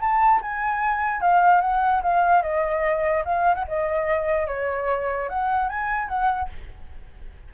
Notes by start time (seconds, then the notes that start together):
0.00 A5
0.42 G#5
1.21 F5
1.61 F#5
2.02 F5
2.42 D#5
3.25 F5
3.54 F#5
3.68 D#5
4.47 C#5
5.29 F#5
5.69 G#5
6.08 F#5